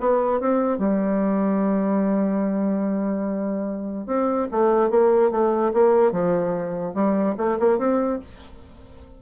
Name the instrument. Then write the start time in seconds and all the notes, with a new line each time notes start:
bassoon
0.00 B3
0.40 C4
0.78 G3
4.07 C4
4.51 A3
4.90 A#3
5.31 A3
5.73 A#3
6.12 F3
6.94 G3
7.37 A3
7.59 A#3
7.78 C4